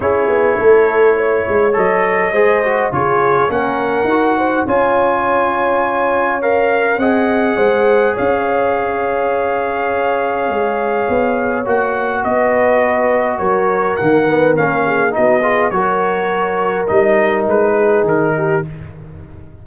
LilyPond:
<<
  \new Staff \with { instrumentName = "trumpet" } { \time 4/4 \tempo 4 = 103 cis''2. dis''4~ | dis''4 cis''4 fis''2 | gis''2. f''4 | fis''2 f''2~ |
f''1 | fis''4 dis''2 cis''4 | fis''4 f''4 dis''4 cis''4~ | cis''4 dis''4 b'4 ais'4 | }
  \new Staff \with { instrumentName = "horn" } { \time 4/4 gis'4 a'4 cis''2 | c''4 gis'4 ais'4. c''8 | cis''1 | dis''4 c''4 cis''2~ |
cis''1~ | cis''4 b'2 ais'4~ | ais'4. gis'8 fis'8 gis'8 ais'4~ | ais'2~ ais'8 gis'4 g'8 | }
  \new Staff \with { instrumentName = "trombone" } { \time 4/4 e'2. a'4 | gis'8 fis'8 f'4 cis'4 fis'4 | f'2. ais'4 | gis'1~ |
gis'1 | fis'1 | ais8 b8 cis'4 dis'8 f'8 fis'4~ | fis'4 dis'2. | }
  \new Staff \with { instrumentName = "tuba" } { \time 4/4 cis'8 b8 a4. gis8 fis4 | gis4 cis4 ais4 dis'4 | cis'1 | c'4 gis4 cis'2~ |
cis'2 gis4 b4 | ais4 b2 fis4 | dis4 ais4 b4 fis4~ | fis4 g4 gis4 dis4 | }
>>